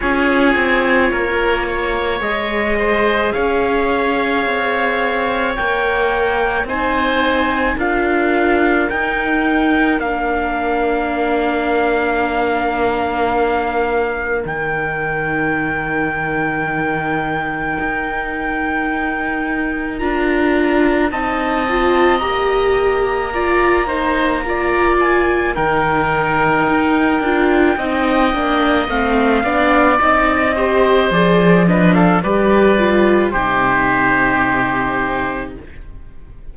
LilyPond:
<<
  \new Staff \with { instrumentName = "trumpet" } { \time 4/4 \tempo 4 = 54 cis''2 dis''4 f''4~ | f''4 g''4 gis''4 f''4 | g''4 f''2.~ | f''4 g''2.~ |
g''2 ais''4 a''4 | ais''2~ ais''8 gis''8 g''4~ | g''2 f''4 dis''4 | d''8 dis''16 f''16 d''4 c''2 | }
  \new Staff \with { instrumentName = "oboe" } { \time 4/4 gis'4 ais'8 cis''4 c''8 cis''4~ | cis''2 c''4 ais'4~ | ais'1~ | ais'1~ |
ais'2. dis''4~ | dis''4 d''8 c''8 d''4 ais'4~ | ais'4 dis''4. d''4 c''8~ | c''8 b'16 a'16 b'4 g'2 | }
  \new Staff \with { instrumentName = "viola" } { \time 4/4 f'2 gis'2~ | gis'4 ais'4 dis'4 f'4 | dis'4 d'2.~ | d'4 dis'2.~ |
dis'2 f'4 dis'8 f'8 | g'4 f'8 dis'8 f'4 dis'4~ | dis'8 f'8 dis'8 d'8 c'8 d'8 dis'8 g'8 | gis'8 d'8 g'8 f'8 dis'2 | }
  \new Staff \with { instrumentName = "cello" } { \time 4/4 cis'8 c'8 ais4 gis4 cis'4 | c'4 ais4 c'4 d'4 | dis'4 ais2.~ | ais4 dis2. |
dis'2 d'4 c'4 | ais2. dis4 | dis'8 d'8 c'8 ais8 a8 b8 c'4 | f4 g4 c2 | }
>>